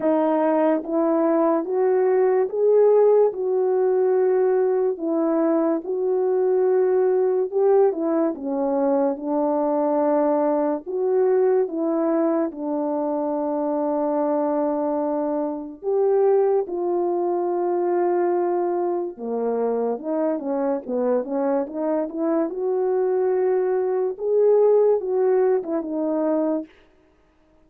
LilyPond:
\new Staff \with { instrumentName = "horn" } { \time 4/4 \tempo 4 = 72 dis'4 e'4 fis'4 gis'4 | fis'2 e'4 fis'4~ | fis'4 g'8 e'8 cis'4 d'4~ | d'4 fis'4 e'4 d'4~ |
d'2. g'4 | f'2. ais4 | dis'8 cis'8 b8 cis'8 dis'8 e'8 fis'4~ | fis'4 gis'4 fis'8. e'16 dis'4 | }